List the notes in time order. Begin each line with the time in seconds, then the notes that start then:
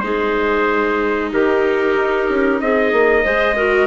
0.00 G#3 D#4 G#4 C5
1.31 D#3 G4 A#4
1.95 D#4
2.28 C#4
2.60 C4 G#4 D#5
2.92 A#3
3.22 G#3 G#4 C5
3.56 F#4 A#4